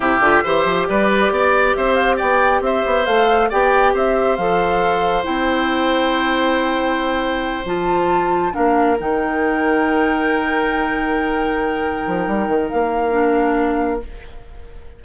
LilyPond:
<<
  \new Staff \with { instrumentName = "flute" } { \time 4/4 \tempo 4 = 137 e''2 d''2 | e''8 f''8 g''4 e''4 f''4 | g''4 e''4 f''2 | g''1~ |
g''4. a''2 f''8~ | f''8 g''2.~ g''8~ | g''1~ | g''4 f''2. | }
  \new Staff \with { instrumentName = "oboe" } { \time 4/4 g'4 c''4 b'4 d''4 | c''4 d''4 c''2 | d''4 c''2.~ | c''1~ |
c''2.~ c''8 ais'8~ | ais'1~ | ais'1~ | ais'1 | }
  \new Staff \with { instrumentName = "clarinet" } { \time 4/4 e'8 f'8 g'2.~ | g'2. a'4 | g'2 a'2 | e'1~ |
e'4. f'2 d'8~ | d'8 dis'2.~ dis'8~ | dis'1~ | dis'2 d'2 | }
  \new Staff \with { instrumentName = "bassoon" } { \time 4/4 c8 d8 e8 f8 g4 b4 | c'4 b4 c'8 b8 a4 | b4 c'4 f2 | c'1~ |
c'4. f2 ais8~ | ais8 dis2.~ dis8~ | dis2.~ dis8 f8 | g8 dis8 ais2. | }
>>